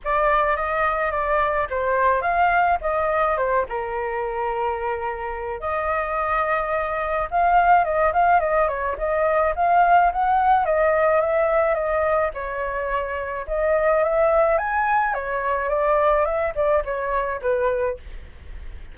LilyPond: \new Staff \with { instrumentName = "flute" } { \time 4/4 \tempo 4 = 107 d''4 dis''4 d''4 c''4 | f''4 dis''4 c''8 ais'4.~ | ais'2 dis''2~ | dis''4 f''4 dis''8 f''8 dis''8 cis''8 |
dis''4 f''4 fis''4 dis''4 | e''4 dis''4 cis''2 | dis''4 e''4 gis''4 cis''4 | d''4 e''8 d''8 cis''4 b'4 | }